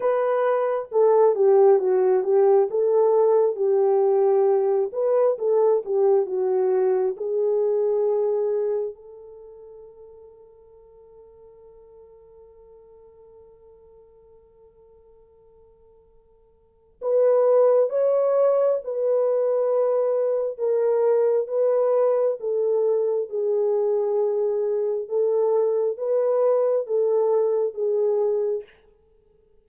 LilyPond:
\new Staff \with { instrumentName = "horn" } { \time 4/4 \tempo 4 = 67 b'4 a'8 g'8 fis'8 g'8 a'4 | g'4. b'8 a'8 g'8 fis'4 | gis'2 a'2~ | a'1~ |
a'2. b'4 | cis''4 b'2 ais'4 | b'4 a'4 gis'2 | a'4 b'4 a'4 gis'4 | }